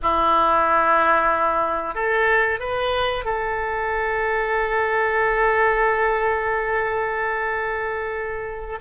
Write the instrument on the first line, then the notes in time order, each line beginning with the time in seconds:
oboe
0.02 E4
1.94 A4
2.59 B4
3.24 A4